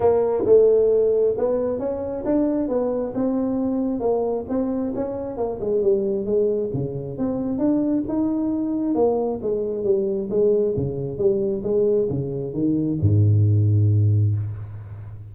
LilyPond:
\new Staff \with { instrumentName = "tuba" } { \time 4/4 \tempo 4 = 134 ais4 a2 b4 | cis'4 d'4 b4 c'4~ | c'4 ais4 c'4 cis'4 | ais8 gis8 g4 gis4 cis4 |
c'4 d'4 dis'2 | ais4 gis4 g4 gis4 | cis4 g4 gis4 cis4 | dis4 gis,2. | }